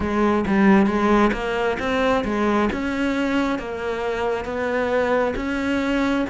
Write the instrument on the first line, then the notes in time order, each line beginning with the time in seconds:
cello
0.00 G#3
0.46 G3
0.86 G#3
1.32 A#3
1.79 C4
2.24 G#3
2.72 C#4
3.58 A#3
4.44 B3
5.36 C#4